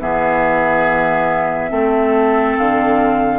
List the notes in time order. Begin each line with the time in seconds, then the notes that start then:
0.00 E3 B3 G#4 E5
1.69 A3 C4 A4
2.57 D3 F5